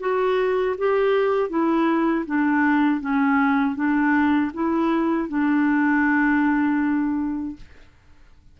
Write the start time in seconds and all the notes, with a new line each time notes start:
0.00 F#4
0.78 G4
1.49 E4
2.26 D4
3.00 C#4
3.76 D4
4.54 E4
5.29 D4